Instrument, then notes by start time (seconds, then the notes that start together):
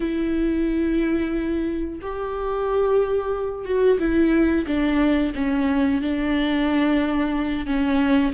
viola
0.00 E4
2.02 G4
3.65 F#4
3.99 E4
4.66 D4
5.35 C#4
6.01 D4
7.66 C#4